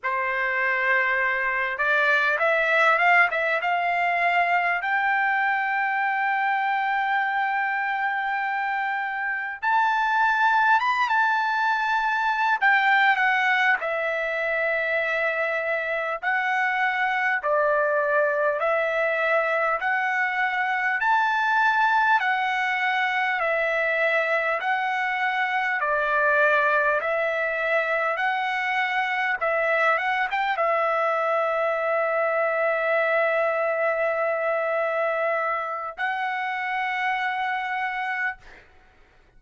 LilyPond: \new Staff \with { instrumentName = "trumpet" } { \time 4/4 \tempo 4 = 50 c''4. d''8 e''8 f''16 e''16 f''4 | g''1 | a''4 b''16 a''4~ a''16 g''8 fis''8 e''8~ | e''4. fis''4 d''4 e''8~ |
e''8 fis''4 a''4 fis''4 e''8~ | e''8 fis''4 d''4 e''4 fis''8~ | fis''8 e''8 fis''16 g''16 e''2~ e''8~ | e''2 fis''2 | }